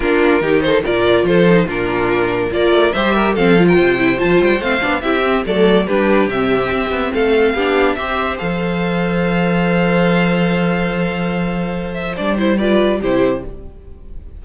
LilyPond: <<
  \new Staff \with { instrumentName = "violin" } { \time 4/4 \tempo 4 = 143 ais'4. c''8 d''4 c''4 | ais'2 d''4 e''4 | f''8. g''4~ g''16 a''8 g''8 f''4 | e''4 d''4 b'4 e''4~ |
e''4 f''2 e''4 | f''1~ | f''1~ | f''8 e''8 d''8 c''8 d''4 c''4 | }
  \new Staff \with { instrumentName = "violin" } { \time 4/4 f'4 g'8 a'8 ais'4 a'4 | f'2 ais'4 c''8 ais'8 | a'8. ais'16 c''2. | g'4 a'4 g'2~ |
g'4 a'4 g'4 c''4~ | c''1~ | c''1~ | c''2 b'4 g'4 | }
  \new Staff \with { instrumentName = "viola" } { \time 4/4 d'4 dis'4 f'4. dis'8 | d'2 f'4 g'4 | c'8 f'4 e'8 f'4 c'8 d'8 | e'8 c'8 a4 d'4 c'4~ |
c'2 d'4 g'4 | a'1~ | a'1~ | a'4 d'8 e'8 f'4 e'4 | }
  \new Staff \with { instrumentName = "cello" } { \time 4/4 ais4 dis4 ais,4 f4 | ais,2 ais8 a8 g4 | f4 c4 f8 g8 a8 b8 | c'4 fis4 g4 c4 |
c'8 b8 a4 b4 c'4 | f1~ | f1~ | f4 g2 c4 | }
>>